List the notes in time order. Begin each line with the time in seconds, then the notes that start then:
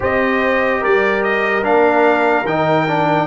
0.00 C4 G4 C5 D#5
0.81 G3 A#4 D5
1.23 D#5
1.62 A#3 D4 F5
2.44 D#3 D#4 G5
2.87 D4